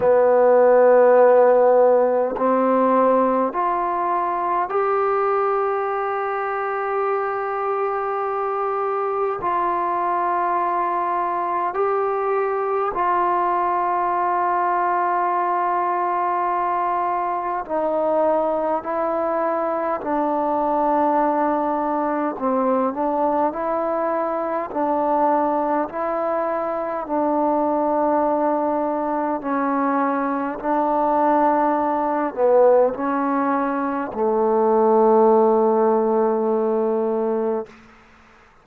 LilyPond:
\new Staff \with { instrumentName = "trombone" } { \time 4/4 \tempo 4 = 51 b2 c'4 f'4 | g'1 | f'2 g'4 f'4~ | f'2. dis'4 |
e'4 d'2 c'8 d'8 | e'4 d'4 e'4 d'4~ | d'4 cis'4 d'4. b8 | cis'4 a2. | }